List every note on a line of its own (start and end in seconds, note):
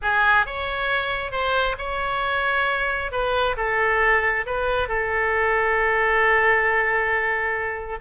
0.02 0.45 G#4
0.45 1.31 C#5
1.31 1.76 C5
1.78 3.11 C#5
3.11 3.56 B4
3.56 4.45 A4
4.45 4.88 B4
4.88 7.99 A4